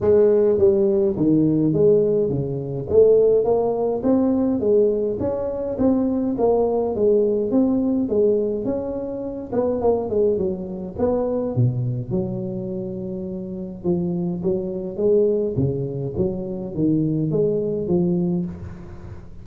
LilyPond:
\new Staff \with { instrumentName = "tuba" } { \time 4/4 \tempo 4 = 104 gis4 g4 dis4 gis4 | cis4 a4 ais4 c'4 | gis4 cis'4 c'4 ais4 | gis4 c'4 gis4 cis'4~ |
cis'8 b8 ais8 gis8 fis4 b4 | b,4 fis2. | f4 fis4 gis4 cis4 | fis4 dis4 gis4 f4 | }